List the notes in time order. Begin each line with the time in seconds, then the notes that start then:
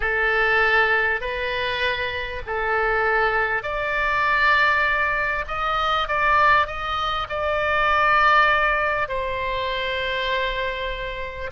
0.00 A4
1.20 B4
2.46 A4
3.63 D5
5.47 D#5
6.08 D5
6.66 D#5
7.29 D5
9.08 C5